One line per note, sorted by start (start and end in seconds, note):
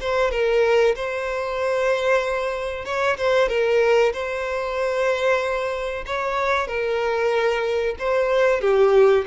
0.00 0.31 C5
0.31 0.95 A#4
0.95 2.85 C5
2.85 3.17 C#5
3.17 3.48 C5
3.48 4.12 A#4
4.13 6.04 C5
6.06 6.67 C#5
6.67 7.95 A#4
7.99 8.61 C5
8.61 9.25 G4